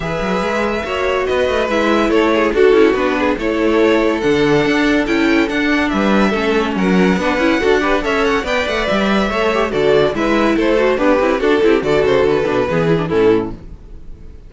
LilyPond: <<
  \new Staff \with { instrumentName = "violin" } { \time 4/4 \tempo 4 = 142 e''2. dis''4 | e''4 cis''4 a'4 b'4 | cis''2 fis''2 | g''4 fis''4 e''2 |
fis''2. e''8 fis''8 | g''8 fis''8 e''2 d''4 | e''4 c''4 b'4 a'4 | d''8 c''8 b'2 a'4 | }
  \new Staff \with { instrumentName = "violin" } { \time 4/4 b'2 cis''4 b'4~ | b'4 a'8 gis'8 fis'4. gis'8 | a'1~ | a'2 b'4 a'4 |
ais'4 b'4 a'8 b'8 cis''4 | d''2 cis''4 a'4 | b'4 a'4 d'8 e'8 fis'8 g'8 | a'2 gis'4 e'4 | }
  \new Staff \with { instrumentName = "viola" } { \time 4/4 gis'2 fis'2 | e'2 fis'8 e'8 d'4 | e'2 d'2 | e'4 d'2 cis'4~ |
cis'4 d'8 e'8 fis'8 g'8 a'4 | b'2 a'8 g'8 fis'4 | e'4. fis'8 g'4 d'8 e'8 | fis'4. d'8 b8 e'16 d'16 cis'4 | }
  \new Staff \with { instrumentName = "cello" } { \time 4/4 e8 fis8 gis4 ais4 b8 a8 | gis4 a4 d'8 cis'8 b4 | a2 d4 d'4 | cis'4 d'4 g4 a4 |
fis4 b8 cis'8 d'4 cis'4 | b8 a8 g4 a4 d4 | gis4 a4 b8 c'8 d'8 c'8 | d8 cis8 d8 b,8 e4 a,4 | }
>>